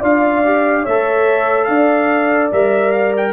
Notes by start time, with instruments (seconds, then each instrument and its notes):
0.00 tuba D4, trombone F4, horn D5, trumpet F5
0.45 trombone G4
0.82 tuba A3, horn C#5, trumpet E5
0.89 trombone A4
1.64 tuba D4, horn D5, trumpet F5
2.52 tuba G3, trombone A#4, trumpet E5
2.91 trumpet F5
3.17 trumpet G5